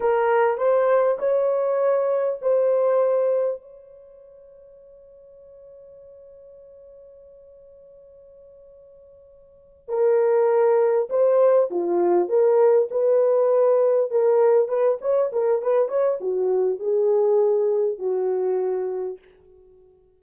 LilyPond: \new Staff \with { instrumentName = "horn" } { \time 4/4 \tempo 4 = 100 ais'4 c''4 cis''2 | c''2 cis''2~ | cis''1~ | cis''1~ |
cis''8 ais'2 c''4 f'8~ | f'8 ais'4 b'2 ais'8~ | ais'8 b'8 cis''8 ais'8 b'8 cis''8 fis'4 | gis'2 fis'2 | }